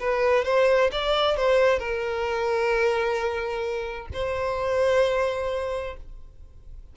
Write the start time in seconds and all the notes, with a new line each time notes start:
0.00 B4
0.45 C5
0.92 D5
1.37 C5
1.79 A#4
4.14 C5